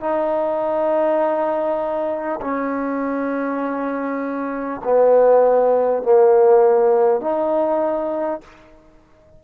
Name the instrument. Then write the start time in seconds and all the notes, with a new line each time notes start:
trombone
0.00 D#4
2.42 C#4
4.84 B3
6.03 A#3
7.21 D#4